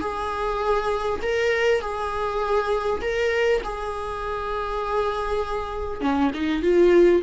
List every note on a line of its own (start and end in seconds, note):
0.00 1.20 G#4
1.22 1.81 A#4
1.81 3.01 G#4
3.01 3.61 A#4
3.64 6.01 G#4
6.01 6.31 C#4
6.34 6.62 D#4
6.62 7.22 F4